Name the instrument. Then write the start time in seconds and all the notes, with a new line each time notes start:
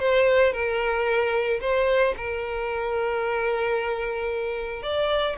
violin
0.00 C5
0.53 A#4
1.61 C5
2.17 A#4
4.83 D5